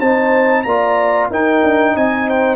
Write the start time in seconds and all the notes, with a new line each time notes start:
0.00 C4 D#4 C5 A5
0.63 A#3 F4 D5 A#5
1.30 D#4 A#4 G5
1.63 D4
1.93 C4 D#5 G#5
2.28 C5 G5